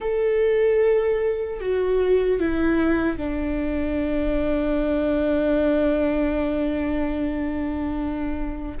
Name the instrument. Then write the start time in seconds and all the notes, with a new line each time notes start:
viola
0.00 A4
1.60 F#4
2.39 E4
3.17 D4